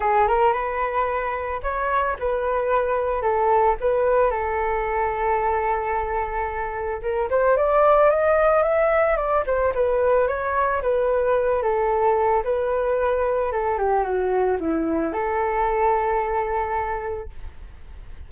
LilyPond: \new Staff \with { instrumentName = "flute" } { \time 4/4 \tempo 4 = 111 gis'8 ais'8 b'2 cis''4 | b'2 a'4 b'4 | a'1~ | a'4 ais'8 c''8 d''4 dis''4 |
e''4 d''8 c''8 b'4 cis''4 | b'4. a'4. b'4~ | b'4 a'8 g'8 fis'4 e'4 | a'1 | }